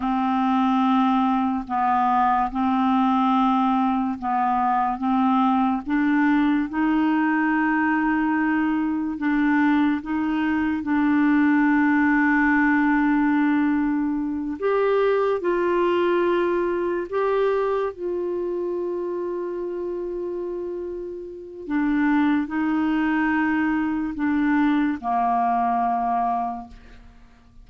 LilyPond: \new Staff \with { instrumentName = "clarinet" } { \time 4/4 \tempo 4 = 72 c'2 b4 c'4~ | c'4 b4 c'4 d'4 | dis'2. d'4 | dis'4 d'2.~ |
d'4. g'4 f'4.~ | f'8 g'4 f'2~ f'8~ | f'2 d'4 dis'4~ | dis'4 d'4 ais2 | }